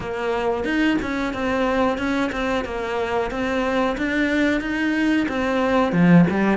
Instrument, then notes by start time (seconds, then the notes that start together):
cello
0.00 A#3
0.64 D#4
1.02 C#4
1.33 C4
1.98 C#4
2.32 C4
2.64 A#3
3.30 C4
3.97 D4
4.60 D#4
5.28 C4
5.92 F3
6.30 G3